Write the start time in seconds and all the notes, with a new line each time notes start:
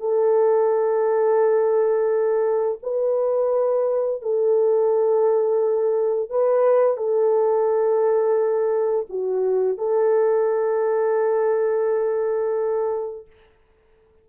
0.00 A4
2.83 B4
4.22 A4
6.30 B4
6.97 A4
9.10 F#4
9.78 A4